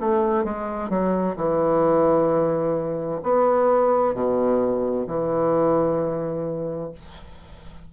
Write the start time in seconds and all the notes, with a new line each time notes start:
0.00 A3
0.44 G#3
0.89 F#3
1.36 E3
3.23 B3
4.14 B2
5.06 E3